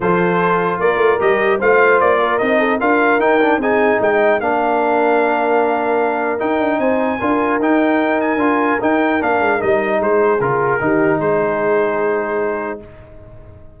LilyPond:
<<
  \new Staff \with { instrumentName = "trumpet" } { \time 4/4 \tempo 4 = 150 c''2 d''4 dis''4 | f''4 d''4 dis''4 f''4 | g''4 gis''4 g''4 f''4~ | f''1 |
g''4 gis''2 g''4~ | g''8 gis''4. g''4 f''4 | dis''4 c''4 ais'2 | c''1 | }
  \new Staff \with { instrumentName = "horn" } { \time 4/4 a'2 ais'2 | c''4. ais'4 a'8 ais'4~ | ais'4 gis'4 dis''4 ais'4~ | ais'1~ |
ais'4 c''4 ais'2~ | ais'1~ | ais'4 gis'2 g'4 | gis'1 | }
  \new Staff \with { instrumentName = "trombone" } { \time 4/4 f'2. g'4 | f'2 dis'4 f'4 | dis'8 d'8 dis'2 d'4~ | d'1 |
dis'2 f'4 dis'4~ | dis'4 f'4 dis'4 d'4 | dis'2 f'4 dis'4~ | dis'1 | }
  \new Staff \with { instrumentName = "tuba" } { \time 4/4 f2 ais8 a8 g4 | a4 ais4 c'4 d'4 | dis'4 c'4 gis4 ais4~ | ais1 |
dis'8 d'8 c'4 d'4 dis'4~ | dis'4 d'4 dis'4 ais8 gis8 | g4 gis4 cis4 dis4 | gis1 | }
>>